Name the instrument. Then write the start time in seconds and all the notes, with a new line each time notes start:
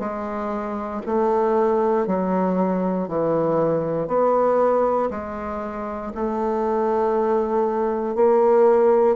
bassoon
0.00 G#3
1.06 A3
2.07 F#3
3.09 E3
4.08 B3
5.11 G#3
6.15 A3
8.16 A#3